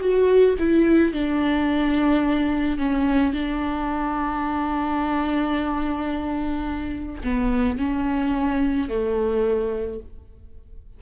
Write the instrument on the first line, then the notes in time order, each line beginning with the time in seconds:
viola
0.00 F#4
0.59 E4
1.13 D4
2.78 C#4
3.33 D4
7.24 B3
7.78 C#4
8.89 A3